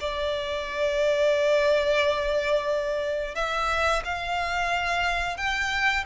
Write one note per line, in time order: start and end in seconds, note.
0.00 3.35 D5
3.35 4.03 E5
4.05 5.37 F5
5.37 6.05 G5